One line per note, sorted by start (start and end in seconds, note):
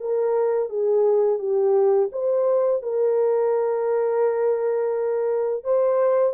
0.00 0.70 A#4
0.70 1.39 G#4
1.39 2.10 G4
2.12 2.83 C5
2.83 5.64 A#4
5.64 6.34 C5